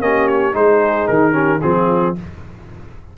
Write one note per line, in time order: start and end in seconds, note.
0.00 0.54 A#3
0.00 0.53 C#4
0.00 0.56 G4
0.00 0.27 D#5
0.27 0.54 C#5
0.53 1.07 G#3
0.53 1.32 D#4
0.53 1.32 G#4
0.53 1.07 C5
1.07 1.62 D#3
1.07 1.61 A#4
1.32 1.59 C#4
1.32 1.59 G4
1.61 2.17 F3
1.61 2.15 C4
1.61 2.16 F4
1.61 2.15 G#4